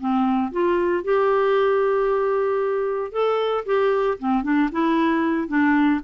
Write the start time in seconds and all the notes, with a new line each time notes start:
0.00 C4
0.51 F4
1.04 G4
3.12 A4
3.66 G4
4.19 C4
4.43 D4
4.72 E4
5.48 D4